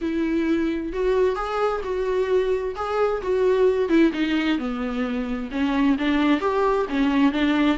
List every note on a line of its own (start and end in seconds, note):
0.01 0.92 E4
0.92 1.35 F#4
1.35 1.81 G#4
1.83 2.75 F#4
2.75 3.21 G#4
3.21 3.88 F#4
3.88 4.11 E4
4.13 4.58 D#4
4.58 5.50 B3
5.51 5.96 C#4
5.98 6.40 D4
6.40 6.86 G4
6.89 7.32 C#4
7.32 7.77 D4